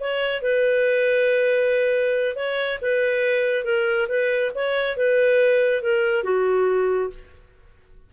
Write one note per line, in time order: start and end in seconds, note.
0.00 0.42 C#5
0.42 2.36 B4
2.36 2.79 C#5
2.82 3.65 B4
3.65 4.08 A#4
4.09 4.52 B4
4.55 4.97 C#5
4.97 5.83 B4
5.83 6.24 A#4
6.24 7.10 F#4